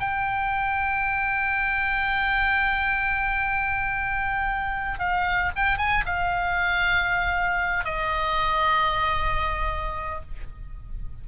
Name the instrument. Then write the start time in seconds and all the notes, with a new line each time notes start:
oboe
0.00 G5
5.00 F5
5.56 G5
5.78 G#5
6.06 F5
7.85 D#5